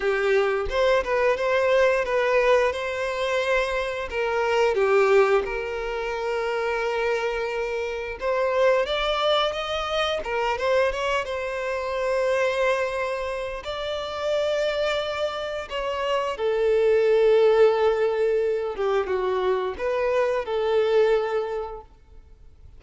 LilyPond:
\new Staff \with { instrumentName = "violin" } { \time 4/4 \tempo 4 = 88 g'4 c''8 b'8 c''4 b'4 | c''2 ais'4 g'4 | ais'1 | c''4 d''4 dis''4 ais'8 c''8 |
cis''8 c''2.~ c''8 | d''2. cis''4 | a'2.~ a'8 g'8 | fis'4 b'4 a'2 | }